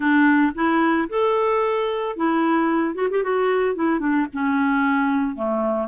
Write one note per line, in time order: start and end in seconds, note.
0.00 0.52 D4
0.54 1.08 E4
1.09 2.16 A4
2.16 2.95 E4
2.95 3.08 F#4
3.10 3.23 G4
3.23 3.75 F#4
3.75 3.99 E4
3.99 4.26 D4
4.33 5.35 C#4
5.35 5.88 A3